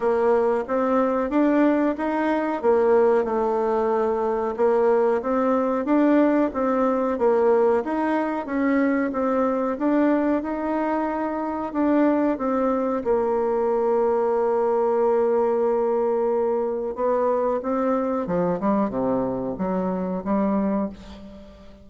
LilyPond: \new Staff \with { instrumentName = "bassoon" } { \time 4/4 \tempo 4 = 92 ais4 c'4 d'4 dis'4 | ais4 a2 ais4 | c'4 d'4 c'4 ais4 | dis'4 cis'4 c'4 d'4 |
dis'2 d'4 c'4 | ais1~ | ais2 b4 c'4 | f8 g8 c4 fis4 g4 | }